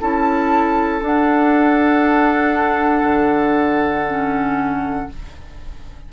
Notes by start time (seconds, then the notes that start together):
0.00 C#4 E4 A4 A5
1.01 D4 F#5
3.03 D3
4.07 C#4